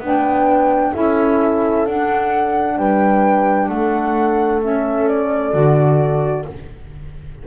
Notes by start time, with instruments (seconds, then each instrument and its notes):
0.00 double bass B3, saxophone D4, horn B4, flute G5
0.93 double bass C#4, saxophone E4, horn A4, flute E5
1.86 double bass D4, saxophone D4, flute F#5
2.77 double bass G3, horn B4, flute G5
3.68 double bass A3, horn A4, flute F#5
4.62 saxophone C#4, flute E5
5.09 flute D5
5.53 double bass D3, saxophone F#4